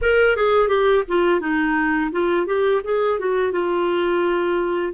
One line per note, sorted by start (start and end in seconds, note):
0.01 0.36 A#4
0.36 0.68 G#4
0.68 1.03 G4
1.08 1.40 F4
1.40 2.10 D#4
2.11 2.46 F4
2.46 2.81 G4
2.84 3.19 G#4
3.19 3.51 F#4
3.51 4.93 F4